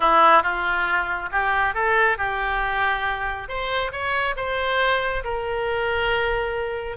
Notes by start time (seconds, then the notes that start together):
0.00 E4
0.42 F4
1.31 G4
1.74 A4
2.17 G4
3.48 C5
3.92 C#5
4.36 C5
5.24 A#4